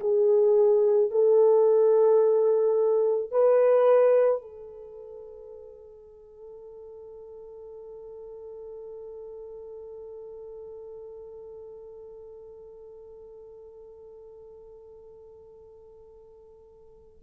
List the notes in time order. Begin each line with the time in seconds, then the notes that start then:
0.00 G#4
1.11 A4
3.31 B4
4.41 A4